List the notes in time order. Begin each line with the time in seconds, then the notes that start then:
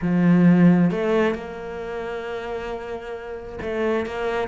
0.01 F3
0.91 A3
1.34 A#3
3.61 A3
4.06 A#3